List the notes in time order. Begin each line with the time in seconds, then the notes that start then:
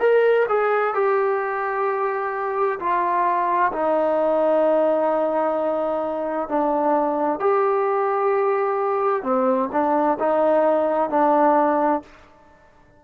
0.00 A#4
0.49 G#4
0.94 G4
2.79 F4
3.73 D#4
6.49 D4
7.40 G4
9.23 C4
9.72 D4
10.20 D#4
11.10 D4